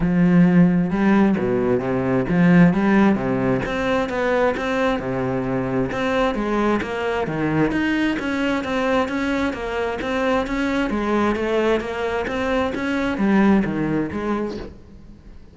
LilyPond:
\new Staff \with { instrumentName = "cello" } { \time 4/4 \tempo 4 = 132 f2 g4 b,4 | c4 f4 g4 c4 | c'4 b4 c'4 c4~ | c4 c'4 gis4 ais4 |
dis4 dis'4 cis'4 c'4 | cis'4 ais4 c'4 cis'4 | gis4 a4 ais4 c'4 | cis'4 g4 dis4 gis4 | }